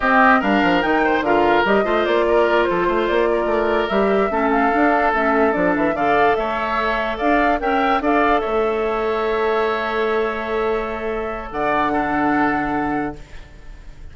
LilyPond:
<<
  \new Staff \with { instrumentName = "flute" } { \time 4/4 \tempo 4 = 146 dis''4 f''4 g''4 f''4 | dis''4 d''4. c''4 d''8~ | d''4. e''4. f''4~ | f''8 e''4 d''8 e''8 f''4 e''8~ |
e''4. f''4 g''4 f''8~ | f''8 e''2.~ e''8~ | e''1 | fis''1 | }
  \new Staff \with { instrumentName = "oboe" } { \time 4/4 g'4 ais'4. c''8 ais'4~ | ais'8 c''4 ais'4 a'8 c''4 | ais'2~ ais'8 a'4.~ | a'2~ a'8 d''4 cis''8~ |
cis''4. d''4 e''4 d''8~ | d''8 cis''2.~ cis''8~ | cis''1 | d''4 a'2. | }
  \new Staff \with { instrumentName = "clarinet" } { \time 4/4 c'4 d'4 dis'4 f'4 | g'8 f'2.~ f'8~ | f'4. g'4 cis'4 d'8~ | d'8 cis'4 d'4 a'4.~ |
a'2~ a'8 ais'4 a'8~ | a'1~ | a'1~ | a'4 d'2. | }
  \new Staff \with { instrumentName = "bassoon" } { \time 4/4 c'4 g8 f8 dis4 d4 | g8 a8 ais4. f8 a8 ais8~ | ais8 a4 g4 a4 d'8~ | d'8 a4 f8 e8 d4 a8~ |
a4. d'4 cis'4 d'8~ | d'8 a2.~ a8~ | a1 | d1 | }
>>